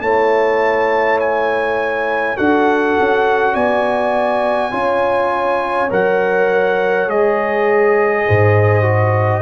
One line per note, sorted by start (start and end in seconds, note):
0.00 2.35 A3
0.00 2.36 E4
0.00 2.37 C#5
0.00 1.19 A5
1.19 2.37 G#5
2.36 2.97 D4
2.36 4.71 F#4
2.36 3.53 A4
2.36 3.54 F#5
2.99 3.54 C#4
3.53 4.72 B3
3.53 4.70 D5
3.53 5.89 G#5
4.71 5.90 C#4
4.71 5.88 F4
4.71 8.24 C#5
5.90 7.07 F#3
5.90 7.08 A#4
5.90 7.09 F#5
7.07 8.25 G#3
7.07 8.82 G#4
7.07 9.42 D#5
8.26 9.42 G#2
8.26 9.42 C5
8.82 9.41 F#4